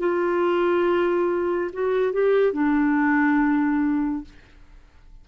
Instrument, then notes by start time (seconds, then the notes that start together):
clarinet
0.00 F4
1.73 F#4
2.13 G4
2.54 D4